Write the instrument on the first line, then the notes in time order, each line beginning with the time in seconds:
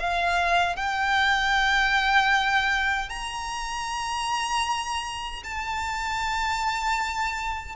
violin
0.00 F5
0.77 G5
3.10 A#5
5.44 A5